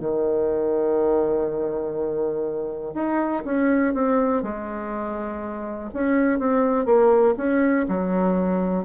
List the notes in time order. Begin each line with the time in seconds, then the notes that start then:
0.00 D#3
2.95 D#4
3.45 C#4
3.94 C4
4.43 G#3
5.94 C#4
6.39 C4
6.86 A#3
7.37 C#4
7.89 F#3